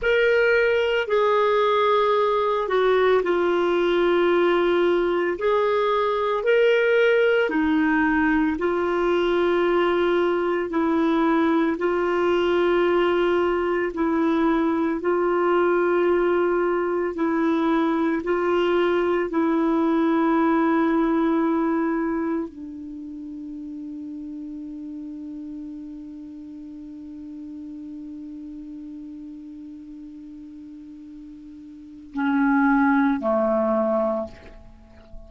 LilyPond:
\new Staff \with { instrumentName = "clarinet" } { \time 4/4 \tempo 4 = 56 ais'4 gis'4. fis'8 f'4~ | f'4 gis'4 ais'4 dis'4 | f'2 e'4 f'4~ | f'4 e'4 f'2 |
e'4 f'4 e'2~ | e'4 d'2.~ | d'1~ | d'2 cis'4 a4 | }